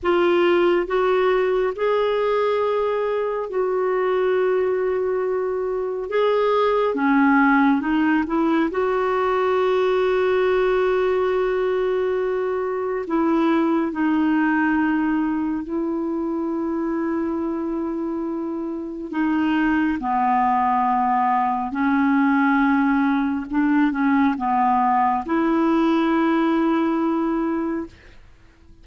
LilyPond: \new Staff \with { instrumentName = "clarinet" } { \time 4/4 \tempo 4 = 69 f'4 fis'4 gis'2 | fis'2. gis'4 | cis'4 dis'8 e'8 fis'2~ | fis'2. e'4 |
dis'2 e'2~ | e'2 dis'4 b4~ | b4 cis'2 d'8 cis'8 | b4 e'2. | }